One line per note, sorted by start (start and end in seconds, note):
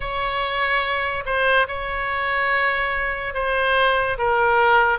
0.00 1.24 C#5
1.25 1.67 C5
1.67 3.34 C#5
3.34 4.17 C5
4.17 4.98 A#4